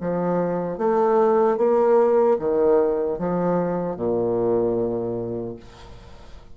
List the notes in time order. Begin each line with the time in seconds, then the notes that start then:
0.00 F3
0.77 A3
1.57 A#3
2.39 D#3
3.19 F3
3.96 A#2